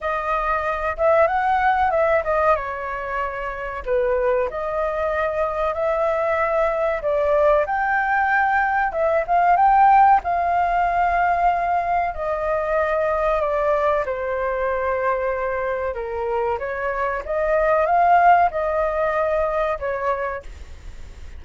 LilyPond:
\new Staff \with { instrumentName = "flute" } { \time 4/4 \tempo 4 = 94 dis''4. e''8 fis''4 e''8 dis''8 | cis''2 b'4 dis''4~ | dis''4 e''2 d''4 | g''2 e''8 f''8 g''4 |
f''2. dis''4~ | dis''4 d''4 c''2~ | c''4 ais'4 cis''4 dis''4 | f''4 dis''2 cis''4 | }